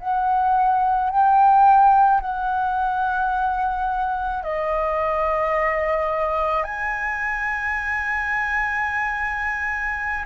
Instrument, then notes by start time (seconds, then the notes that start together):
flute
0.00 F#5
1.11 G5
2.21 F#5
4.43 D#5
6.64 G#5